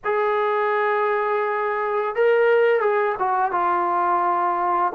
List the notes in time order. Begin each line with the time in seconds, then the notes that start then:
0.04 G#4
2.15 A#4
2.80 G#4
3.19 F#4
3.51 F4